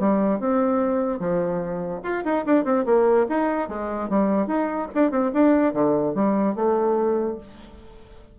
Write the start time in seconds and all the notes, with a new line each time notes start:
0.00 G3
0.40 C4
1.20 F3
2.04 F4
2.25 D#4
2.46 D4
2.65 C4
2.86 A#3
3.30 D#4
3.69 G#3
4.10 G3
4.48 D#4
4.95 D4
5.11 C4
5.34 D4
5.74 D3
6.15 G3
6.56 A3